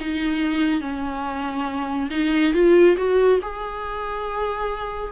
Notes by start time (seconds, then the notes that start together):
0.00 D#4
0.81 C#4
2.11 D#4
2.54 F4
2.97 F#4
3.42 G#4